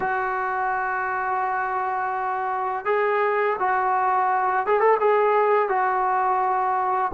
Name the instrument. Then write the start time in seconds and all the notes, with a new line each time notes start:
trombone
0.00 F#4
2.85 G#4
3.59 F#4
4.66 G#4
4.80 A4
5.00 G#4
5.69 F#4